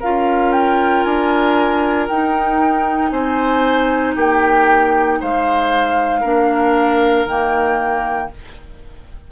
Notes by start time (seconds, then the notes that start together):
0.00 C#4 F4 A#4 F5
0.53 G5
1.04 D4 G#5
2.09 D#4 G5
3.11 C4 C5 G#5
4.16 A#3 G4 G5
5.21 G#3 C5 F5
6.21 A#3 D4 A#4
7.26 D#3 A#3 G5